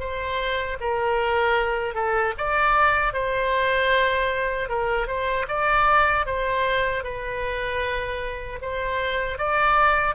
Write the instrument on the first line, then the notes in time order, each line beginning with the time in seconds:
oboe
0.00 C5
0.81 A#4
1.95 A4
2.38 D5
3.13 C5
4.69 A#4
5.08 C5
5.49 D5
6.26 C5
7.04 B4
8.62 C5
9.39 D5